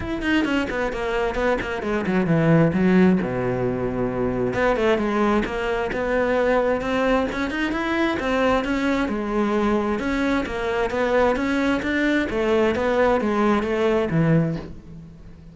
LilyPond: \new Staff \with { instrumentName = "cello" } { \time 4/4 \tempo 4 = 132 e'8 dis'8 cis'8 b8 ais4 b8 ais8 | gis8 fis8 e4 fis4 b,4~ | b,2 b8 a8 gis4 | ais4 b2 c'4 |
cis'8 dis'8 e'4 c'4 cis'4 | gis2 cis'4 ais4 | b4 cis'4 d'4 a4 | b4 gis4 a4 e4 | }